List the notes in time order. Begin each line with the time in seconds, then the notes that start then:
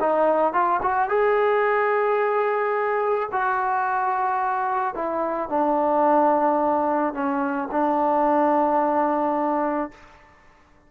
0.00 D#4
0.53 F4
0.82 F#4
1.09 G#4
3.32 F#4
4.94 E4
5.49 D4
7.13 C#4
7.71 D4